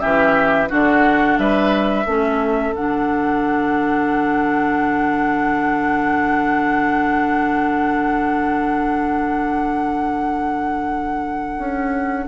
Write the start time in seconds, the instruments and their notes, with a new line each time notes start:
0.00 bassoon E3, clarinet C#4, oboe G4, flute E5
0.69 bassoon D3, clarinet D4, oboe F#4, flute F#5
1.38 bassoon G3, oboe B4, flute E5
2.06 bassoon A3, clarinet C#4, oboe A4
2.73 bassoon D3, clarinet D4, flute F#5
11.58 bassoon C#4